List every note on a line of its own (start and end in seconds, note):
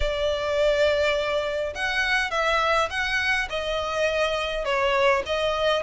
0.00 1.73 D5
1.74 2.31 F#5
2.31 2.89 E5
2.90 3.48 F#5
3.50 4.64 D#5
4.64 5.23 C#5
5.26 5.82 D#5